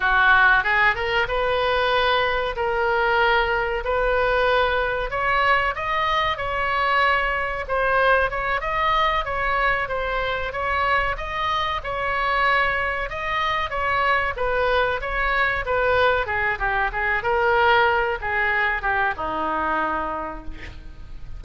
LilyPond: \new Staff \with { instrumentName = "oboe" } { \time 4/4 \tempo 4 = 94 fis'4 gis'8 ais'8 b'2 | ais'2 b'2 | cis''4 dis''4 cis''2 | c''4 cis''8 dis''4 cis''4 c''8~ |
c''8 cis''4 dis''4 cis''4.~ | cis''8 dis''4 cis''4 b'4 cis''8~ | cis''8 b'4 gis'8 g'8 gis'8 ais'4~ | ais'8 gis'4 g'8 dis'2 | }